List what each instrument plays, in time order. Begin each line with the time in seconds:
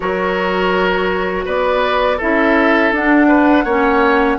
0.00 bassoon F#3, clarinet F#4, oboe A#4, flute C#5
1.45 bassoon B3, oboe B4, flute D5
2.17 bassoon C#4, clarinet E4, oboe A4, flute E5
2.91 bassoon D4, clarinet D4, flute F#5
3.27 oboe B4
3.64 bassoon A#3, clarinet C#4, oboe C#5